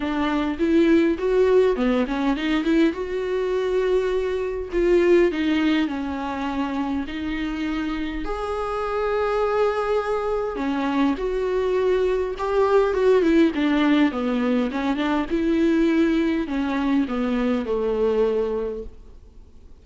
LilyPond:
\new Staff \with { instrumentName = "viola" } { \time 4/4 \tempo 4 = 102 d'4 e'4 fis'4 b8 cis'8 | dis'8 e'8 fis'2. | f'4 dis'4 cis'2 | dis'2 gis'2~ |
gis'2 cis'4 fis'4~ | fis'4 g'4 fis'8 e'8 d'4 | b4 cis'8 d'8 e'2 | cis'4 b4 a2 | }